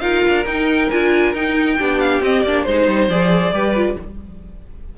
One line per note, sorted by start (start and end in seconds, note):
0.00 0.23 D#4
0.00 0.44 F4
0.00 1.76 A#4
0.00 0.44 F5
0.28 0.45 D4
0.45 0.89 D#4
0.45 0.90 D#4
0.45 0.90 G5
0.90 1.33 D4
0.90 1.34 F4
0.90 1.34 G#5
1.33 1.77 D#4
1.33 1.78 D#4
1.33 1.99 G5
1.78 2.21 B3
1.78 2.22 D4
1.78 2.66 G4
1.99 2.21 F5
2.21 2.43 C4
2.21 2.46 C4
2.21 2.42 D#5
2.42 2.65 A#3
2.42 2.67 D4
2.42 2.63 D5
2.63 2.87 G#3
2.63 3.09 D#4
2.63 3.07 C5
2.63 3.53 C5
2.87 3.08 G3
3.08 3.52 F3
3.08 3.53 G#4
3.08 3.97 D5
3.52 3.95 G3
3.52 3.75 G4
3.52 3.97 B4
3.75 3.97 F4